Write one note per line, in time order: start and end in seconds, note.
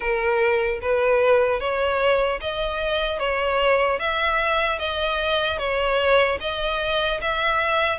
0.00 0.79 A#4
0.81 1.60 B4
1.60 2.40 C#5
2.40 3.19 D#5
3.19 3.99 C#5
3.99 4.78 E5
4.78 5.58 D#5
5.58 6.38 C#5
6.40 7.20 D#5
7.21 7.99 E5